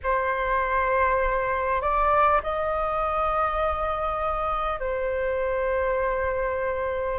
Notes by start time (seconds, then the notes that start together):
0.03 C5
1.81 D5
2.43 D#5
4.79 C5